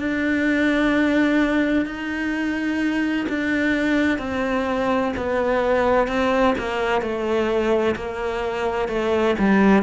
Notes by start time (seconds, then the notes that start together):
0.00 D4
1.86 D#4
3.29 D4
4.19 C4
5.17 B3
6.08 C4
6.59 A#3
7.02 A3
7.96 A#3
8.89 A3
9.39 G3